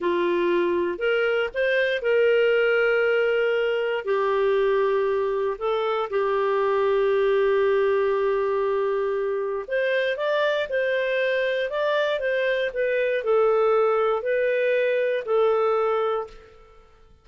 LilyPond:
\new Staff \with { instrumentName = "clarinet" } { \time 4/4 \tempo 4 = 118 f'2 ais'4 c''4 | ais'1 | g'2. a'4 | g'1~ |
g'2. c''4 | d''4 c''2 d''4 | c''4 b'4 a'2 | b'2 a'2 | }